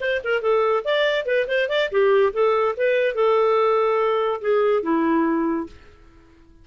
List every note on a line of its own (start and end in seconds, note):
0.00 0.21 C5
0.23 0.41 A#4
0.41 0.83 A4
0.84 1.25 D5
1.25 1.46 B4
1.47 1.68 C5
1.69 1.90 D5
1.91 2.32 G4
2.33 2.75 A4
2.76 3.14 B4
3.14 4.40 A4
4.41 4.82 G#4
4.82 5.66 E4